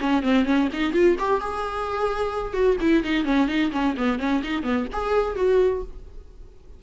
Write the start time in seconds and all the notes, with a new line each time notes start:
0.00 C#4
0.23 C4
0.45 C#4
0.73 D#4
0.93 F4
1.19 G4
1.41 G#4
2.53 F#4
2.81 E4
3.04 D#4
3.25 C#4
3.48 D#4
3.72 C#4
3.97 B3
4.19 C#4
4.43 D#4
4.63 B3
4.92 G#4
5.36 F#4